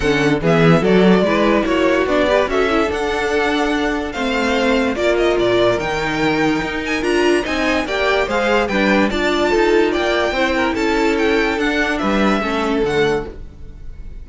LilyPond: <<
  \new Staff \with { instrumentName = "violin" } { \time 4/4 \tempo 4 = 145 fis''4 e''4 d''2 | cis''4 d''4 e''4 fis''4~ | fis''2 f''2 | d''8 dis''8 d''4 g''2~ |
g''8 gis''8 ais''4 gis''4 g''4 | f''4 g''4 a''2 | g''2 a''4 g''4 | fis''4 e''2 fis''4 | }
  \new Staff \with { instrumentName = "violin" } { \time 4/4 a'4 gis'4 a'4 b'4 | fis'4. b'8 a'2~ | a'2 c''2 | ais'1~ |
ais'2 dis''4 d''4 | c''4 b'4 d''4 a'4 | d''4 c''8 ais'8 a'2~ | a'4 b'4 a'2 | }
  \new Staff \with { instrumentName = "viola" } { \time 4/4 cis'4 b4 fis'4 e'4~ | e'4 d'8 g'8 fis'8 e'8 d'4~ | d'2 c'2 | f'2 dis'2~ |
dis'4 f'4 dis'4 g'4 | gis'4 d'4 f'2~ | f'4 e'2. | d'2 cis'4 a4 | }
  \new Staff \with { instrumentName = "cello" } { \time 4/4 d4 e4 fis4 gis4 | ais4 b4 cis'4 d'4~ | d'2 a2 | ais4 ais,4 dis2 |
dis'4 d'4 c'4 ais4 | gis4 g4 d'4 dis'4 | ais4 c'4 cis'2 | d'4 g4 a4 d4 | }
>>